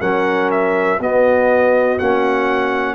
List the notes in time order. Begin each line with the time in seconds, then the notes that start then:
0.00 F#3 C#4 A#4 F#5
0.51 E5
0.99 B3 F#4 D#5
1.98 A#3 C#4 F#5